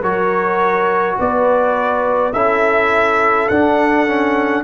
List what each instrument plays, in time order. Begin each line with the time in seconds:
0.00 tuba F#3, trombone F#4, horn A#4, trumpet C#5
1.18 tuba B3, horn B4, trumpet D5
2.33 tuba C#4, trombone E4, horn A4, trumpet E5
3.48 tuba D4, trombone D4, trumpet F#5
4.06 trombone C#4